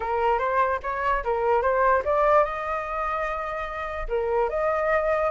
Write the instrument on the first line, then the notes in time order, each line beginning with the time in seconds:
flute
0.00 A#4
0.39 C5
0.82 C#5
1.24 A#4
1.62 C5
2.05 D5
2.44 D#5
4.08 A#4
4.49 D#5